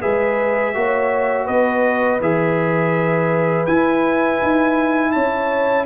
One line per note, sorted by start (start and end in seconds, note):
0.00 0.75 G#3
0.00 0.74 G#4
0.00 0.73 B4
0.00 1.47 E5
0.74 1.48 A#3
0.74 2.20 F#4
0.74 1.45 C#5
1.45 2.20 B3
1.45 5.10 B4
1.45 2.20 D#5
2.20 3.66 E3
2.20 3.67 G#4
2.20 3.66 E5
3.66 4.40 E4
3.66 5.85 E4
3.66 5.11 G#5
4.42 5.15 D#4
5.11 5.85 C#4
5.11 5.85 C#5
5.11 5.85 A5